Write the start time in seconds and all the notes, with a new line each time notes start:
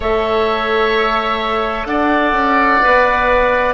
0.00 A3 A4 C#5 E5
1.86 D4 D5 F#5
2.32 C#4
2.81 B3 B4